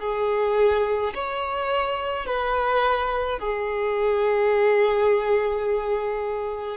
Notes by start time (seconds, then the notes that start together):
0.00 G#4
1.14 C#5
2.26 B4
3.39 G#4